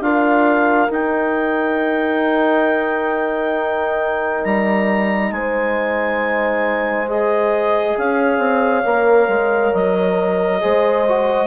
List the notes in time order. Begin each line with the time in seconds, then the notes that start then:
0.00 D4 F4 A#4 F5
0.89 D#4 G5
4.44 G3 A#5
5.31 G#3 C5 G#5
7.07 G#4 D#5
7.97 C#4 C#5 F5
8.38 C4
8.84 A#3 A#4
9.28 G#3
9.73 F#3 D#5
10.60 G#3 G#4 C5
11.08 F#4